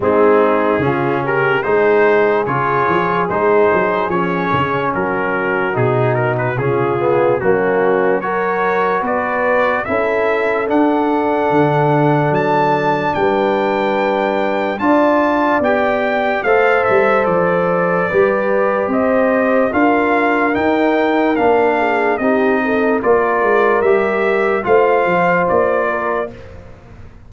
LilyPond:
<<
  \new Staff \with { instrumentName = "trumpet" } { \time 4/4 \tempo 4 = 73 gis'4. ais'8 c''4 cis''4 | c''4 cis''4 ais'4 gis'8 ais'16 b'16 | gis'4 fis'4 cis''4 d''4 | e''4 fis''2 a''4 |
g''2 a''4 g''4 | f''8 e''8 d''2 dis''4 | f''4 g''4 f''4 dis''4 | d''4 e''4 f''4 d''4 | }
  \new Staff \with { instrumentName = "horn" } { \time 4/4 dis'4 f'8 g'8 gis'2~ | gis'2 fis'2 | f'4 cis'4 ais'4 b'4 | a'1 |
b'2 d''2 | c''2 b'4 c''4 | ais'2~ ais'8 gis'8 g'8 a'8 | ais'2 c''4. ais'8 | }
  \new Staff \with { instrumentName = "trombone" } { \time 4/4 c'4 cis'4 dis'4 f'4 | dis'4 cis'2 dis'4 | cis'8 b8 ais4 fis'2 | e'4 d'2.~ |
d'2 f'4 g'4 | a'2 g'2 | f'4 dis'4 d'4 dis'4 | f'4 g'4 f'2 | }
  \new Staff \with { instrumentName = "tuba" } { \time 4/4 gis4 cis4 gis4 cis8 f8 | gis8 fis8 f8 cis8 fis4 b,4 | cis4 fis2 b4 | cis'4 d'4 d4 fis4 |
g2 d'4 b4 | a8 g8 f4 g4 c'4 | d'4 dis'4 ais4 c'4 | ais8 gis8 g4 a8 f8 ais4 | }
>>